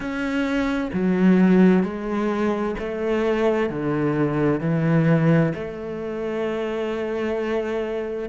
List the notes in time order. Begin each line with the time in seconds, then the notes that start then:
0.00 C#4
0.93 F#3
1.83 G#3
2.79 A3
3.69 D3
4.60 E3
5.54 A3